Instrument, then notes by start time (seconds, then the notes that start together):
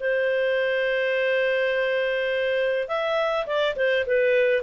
clarinet
0.00 C5
2.88 E5
3.47 D5
3.76 C5
4.07 B4